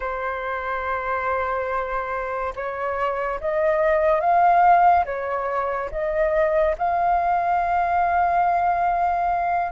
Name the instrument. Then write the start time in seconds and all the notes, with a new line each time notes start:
flute
0.00 C5
2.55 C#5
3.40 D#5
4.20 F5
5.05 C#5
5.91 D#5
6.78 F5